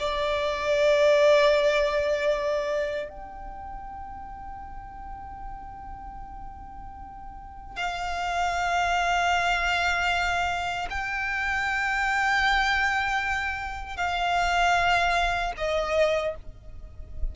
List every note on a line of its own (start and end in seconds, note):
0.00 3.10 D5
3.10 7.77 G5
7.77 10.88 F5
10.90 13.97 G5
13.97 15.53 F5
15.58 16.36 D#5